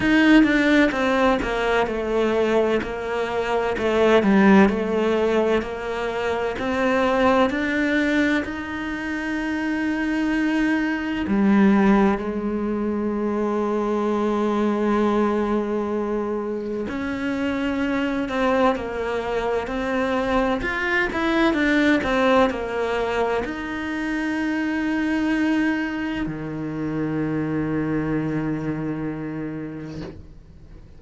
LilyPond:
\new Staff \with { instrumentName = "cello" } { \time 4/4 \tempo 4 = 64 dis'8 d'8 c'8 ais8 a4 ais4 | a8 g8 a4 ais4 c'4 | d'4 dis'2. | g4 gis2.~ |
gis2 cis'4. c'8 | ais4 c'4 f'8 e'8 d'8 c'8 | ais4 dis'2. | dis1 | }